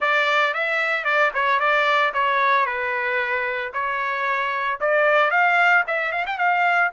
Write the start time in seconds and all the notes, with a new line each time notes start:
0.00 D5
0.54 E5
1.04 D5
1.34 C#5
1.59 D5
2.13 C#5
2.65 B4
3.73 C#5
4.80 D5
5.30 F5
5.87 E5
6.12 F5
6.26 G5
6.37 F5